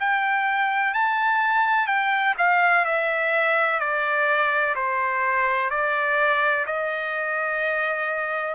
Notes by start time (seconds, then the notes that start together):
0.00 G5
0.94 A5
1.87 G5
2.38 F5
2.85 E5
3.80 D5
4.76 C5
5.70 D5
6.66 D#5